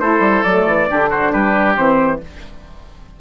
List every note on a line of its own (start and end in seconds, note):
0.00 0.20 A3
0.00 0.45 E4
0.00 0.89 A4
0.00 0.44 C5
0.20 0.42 G3
0.44 0.66 F#3
0.44 0.88 A3
0.44 1.09 D5
0.66 0.88 E3
0.88 1.33 D3
0.88 1.76 D4
0.88 1.10 G4
1.10 1.32 F#4
1.10 1.33 C5
1.32 1.77 G3
1.32 2.20 G4
1.32 1.77 B4
1.76 2.21 E3
1.76 2.20 C4
1.76 2.21 C5